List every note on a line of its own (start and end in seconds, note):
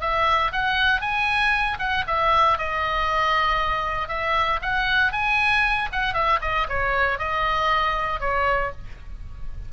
0.00 0.51 E5
0.52 1.00 F#5
1.00 1.77 G#5
1.79 2.04 F#5
2.07 2.58 E5
2.58 4.08 D#5
4.08 4.59 E5
4.61 5.12 F#5
5.12 5.89 G#5
5.92 6.14 F#5
6.14 6.39 E5
6.41 6.67 D#5
6.69 7.18 C#5
7.18 8.20 D#5
8.20 8.71 C#5